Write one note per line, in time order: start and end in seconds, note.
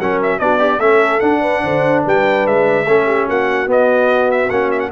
0.00 0.40 F#3
0.00 0.41 C#4
0.00 0.41 A#4
0.00 0.21 F#5
0.23 0.40 E5
0.40 0.79 B3
0.40 0.59 D4
0.40 0.60 F#4
0.40 0.80 D5
0.59 0.80 D4
0.59 0.80 G4
0.79 1.20 A3
0.79 1.22 C#4
0.79 1.42 A4
0.79 1.21 E5
1.21 2.86 D4
1.21 1.64 D4
1.21 2.03 F#5
1.42 1.62 B4
1.64 2.05 D3
1.64 2.05 C5
2.05 2.46 G3
2.05 2.87 B4
2.05 2.47 G5
2.46 2.87 G#3
2.46 3.29 E5
2.87 3.28 A3
2.87 3.67 C#4
2.87 3.07 A4
3.07 3.27 G4
3.27 3.67 A#3
3.27 4.92 F#4
3.27 3.71 F#5
3.67 4.49 B3
3.67 4.32 D#5
4.32 4.51 E5
4.51 4.92 A#3
4.51 4.92 C#4
4.51 4.71 F#5
4.72 4.80 E5
4.80 4.90 F#5